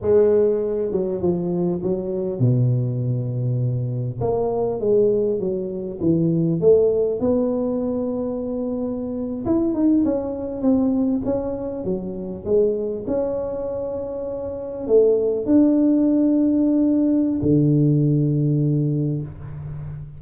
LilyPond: \new Staff \with { instrumentName = "tuba" } { \time 4/4 \tempo 4 = 100 gis4. fis8 f4 fis4 | b,2. ais4 | gis4 fis4 e4 a4 | b2.~ b8. e'16~ |
e'16 dis'8 cis'4 c'4 cis'4 fis16~ | fis8. gis4 cis'2~ cis'16~ | cis'8. a4 d'2~ d'16~ | d'4 d2. | }